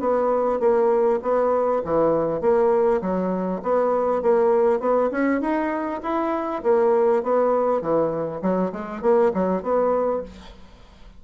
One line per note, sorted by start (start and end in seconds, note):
0.00 0.60 B3
0.60 1.20 A#3
1.22 1.82 B3
1.85 2.41 E3
2.41 3.01 A#3
3.02 3.62 F#3
3.63 4.22 B3
4.22 4.80 A#3
4.80 5.10 B3
5.12 5.41 C#4
5.41 6.01 D#4
6.03 6.63 E4
6.63 7.23 A#3
7.23 7.82 B3
7.82 8.42 E3
8.42 8.72 F#3
8.72 9.02 G#3
9.02 9.32 A#3
9.34 9.63 F#3
9.63 10.23 B3